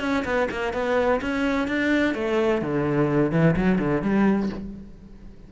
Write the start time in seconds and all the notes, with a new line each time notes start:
0.00 C#4
0.24 B3
0.50 A#3
0.73 B3
1.21 C#4
1.67 D4
2.14 A3
2.61 D3
3.31 E3
3.56 F#3
3.78 D3
4.02 G3